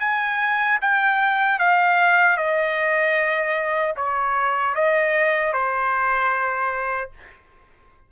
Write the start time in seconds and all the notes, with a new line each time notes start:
0.00 G#5
0.81 G5
1.59 F5
2.37 D#5
3.97 C#5
4.75 D#5
5.53 C5